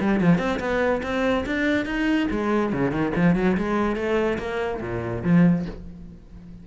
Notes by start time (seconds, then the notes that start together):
0.00 G3
0.20 F3
0.38 C4
0.59 B3
1.03 C4
1.46 D4
1.85 D#4
2.30 G#3
2.73 C#3
2.91 D#3
3.15 F3
3.35 F#3
3.57 G#3
3.96 A3
4.38 A#3
4.81 A#2
5.23 F3